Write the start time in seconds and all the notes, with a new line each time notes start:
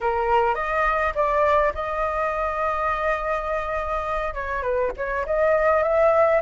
0.00 A#4
0.54 D#5
1.14 D5
1.74 D#5
4.33 C#5
4.62 B4
4.96 C#5
5.26 D#5
5.83 E5